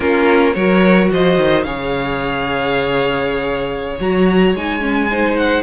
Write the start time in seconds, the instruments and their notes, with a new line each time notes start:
0.00 cello A#3, viola C#4, violin F4 A#4
0.53 cello F#3, viola F#4, violin A#4 C#5
1.11 cello F3, violin C5 D#5
1.37 cello D#3
1.63 cello C#3, viola G#4, violin C#5 F5
3.99 cello F#3, viola F#4, violin A#5
4.54 cello G#3, viola D#4, violin G#5
4.80 viola C#4
5.10 viola D#4, violin C5
5.36 violin F#5